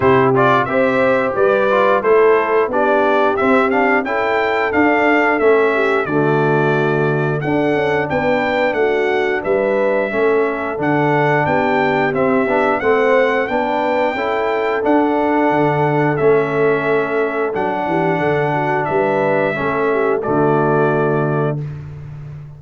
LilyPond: <<
  \new Staff \with { instrumentName = "trumpet" } { \time 4/4 \tempo 4 = 89 c''8 d''8 e''4 d''4 c''4 | d''4 e''8 f''8 g''4 f''4 | e''4 d''2 fis''4 | g''4 fis''4 e''2 |
fis''4 g''4 e''4 fis''4 | g''2 fis''2 | e''2 fis''2 | e''2 d''2 | }
  \new Staff \with { instrumentName = "horn" } { \time 4/4 g'4 c''4 b'4 a'4 | g'2 a'2~ | a'8 g'8 fis'2 a'4 | b'4 fis'4 b'4 a'4~ |
a'4 g'2 c''4 | b'4 a'2.~ | a'2~ a'8 g'8 a'8 fis'8 | b'4 a'8 g'8 fis'2 | }
  \new Staff \with { instrumentName = "trombone" } { \time 4/4 e'8 f'8 g'4. f'8 e'4 | d'4 c'8 d'8 e'4 d'4 | cis'4 a2 d'4~ | d'2. cis'4 |
d'2 c'8 d'8 c'4 | d'4 e'4 d'2 | cis'2 d'2~ | d'4 cis'4 a2 | }
  \new Staff \with { instrumentName = "tuba" } { \time 4/4 c4 c'4 g4 a4 | b4 c'4 cis'4 d'4 | a4 d2 d'8 cis'8 | b4 a4 g4 a4 |
d4 b4 c'8 b8 a4 | b4 cis'4 d'4 d4 | a2 fis8 e8 d4 | g4 a4 d2 | }
>>